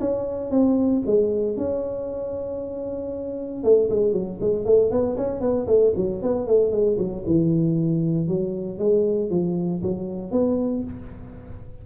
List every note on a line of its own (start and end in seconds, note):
0.00 0.51 C#4
0.51 1.02 C4
1.06 1.57 G#3
1.57 3.63 C#4
3.63 3.89 A3
3.90 4.12 G#3
4.12 4.38 F#3
4.40 4.65 G#3
4.65 4.91 A3
4.91 5.17 B3
5.17 5.41 C#4
5.41 5.67 B3
5.67 5.93 A3
5.96 6.22 F#3
6.22 6.47 B3
6.47 6.71 A3
6.71 6.97 G#3
6.98 7.24 F#3
7.26 8.28 E3
8.28 8.78 F#3
8.78 9.30 G#3
9.30 9.82 F3
9.83 10.31 F#3
10.31 10.83 B3